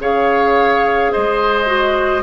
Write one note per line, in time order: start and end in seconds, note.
0.00 1.11 C#3
0.00 1.66 G#4
0.00 1.12 C#5
0.00 1.13 F5
1.12 2.23 G#3
1.12 2.23 C5
1.12 2.23 D#5
1.66 2.22 F#4